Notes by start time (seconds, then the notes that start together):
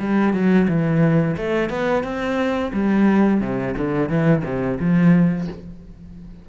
0.00 G3
0.33 F#3
0.68 E3
1.37 A3
1.70 B3
2.04 C4
2.73 G3
3.41 C3
3.78 D3
4.09 E3
4.45 C3
4.80 F3